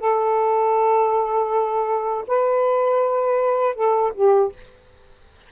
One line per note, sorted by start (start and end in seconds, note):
0.00 2.25 A4
2.28 3.75 B4
3.75 4.12 A4
4.15 4.52 G4